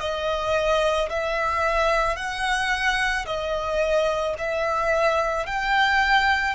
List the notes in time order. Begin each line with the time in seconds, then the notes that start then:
0.00 D#5
1.10 E5
2.16 F#5
3.26 D#5
4.38 E5
5.46 G5